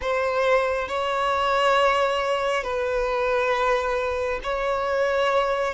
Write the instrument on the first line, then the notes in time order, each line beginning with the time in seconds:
violin
0.01 C5
0.88 C#5
2.63 B4
4.43 C#5